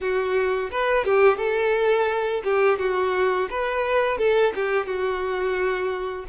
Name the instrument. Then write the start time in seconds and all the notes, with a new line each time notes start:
violin
0.00 F#4
0.71 B4
1.05 G4
1.37 A4
2.44 G4
2.78 F#4
3.49 B4
4.18 A4
4.55 G4
4.86 F#4